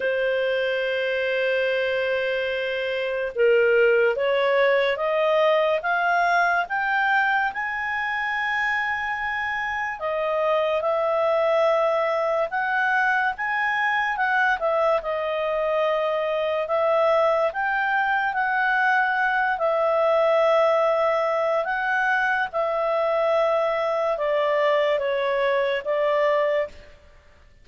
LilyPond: \new Staff \with { instrumentName = "clarinet" } { \time 4/4 \tempo 4 = 72 c''1 | ais'4 cis''4 dis''4 f''4 | g''4 gis''2. | dis''4 e''2 fis''4 |
gis''4 fis''8 e''8 dis''2 | e''4 g''4 fis''4. e''8~ | e''2 fis''4 e''4~ | e''4 d''4 cis''4 d''4 | }